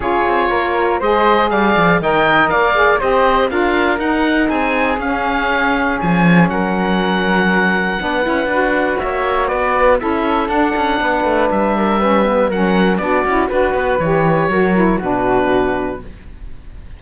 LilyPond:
<<
  \new Staff \with { instrumentName = "oboe" } { \time 4/4 \tempo 4 = 120 cis''2 dis''4 f''4 | g''4 f''4 dis''4 f''4 | fis''4 gis''4 f''2 | gis''4 fis''2.~ |
fis''2 e''4 d''4 | e''4 fis''2 e''4~ | e''4 fis''4 d''4 b'4 | cis''2 b'2 | }
  \new Staff \with { instrumentName = "flute" } { \time 4/4 gis'4 ais'4 c''4 d''4 | dis''4 d''4 c''4 ais'4~ | ais'4 gis'2.~ | gis'4 ais'2. |
b'2 cis''4 b'4 | a'2 b'4. ais'8 | b'4 ais'4 fis'4 b'4~ | b'4 ais'4 fis'2 | }
  \new Staff \with { instrumentName = "saxophone" } { \time 4/4 f'2 gis'2 | ais'4. gis'8 g'4 f'4 | dis'2 cis'2~ | cis'1 |
d'8 e'8 fis'2. | e'4 d'2. | cis'8 b8 cis'4 d'8 e'8 fis'4 | g'4 fis'8 e'8 d'2 | }
  \new Staff \with { instrumentName = "cello" } { \time 4/4 cis'8 c'8 ais4 gis4 g8 f8 | dis4 ais4 c'4 d'4 | dis'4 c'4 cis'2 | f4 fis2. |
b8 cis'8 d'4 ais4 b4 | cis'4 d'8 cis'8 b8 a8 g4~ | g4 fis4 b8 cis'8 d'8 b8 | e4 fis4 b,2 | }
>>